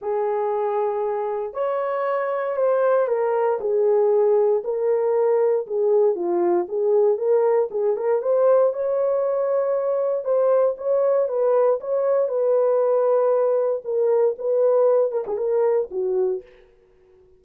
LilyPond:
\new Staff \with { instrumentName = "horn" } { \time 4/4 \tempo 4 = 117 gis'2. cis''4~ | cis''4 c''4 ais'4 gis'4~ | gis'4 ais'2 gis'4 | f'4 gis'4 ais'4 gis'8 ais'8 |
c''4 cis''2. | c''4 cis''4 b'4 cis''4 | b'2. ais'4 | b'4. ais'16 gis'16 ais'4 fis'4 | }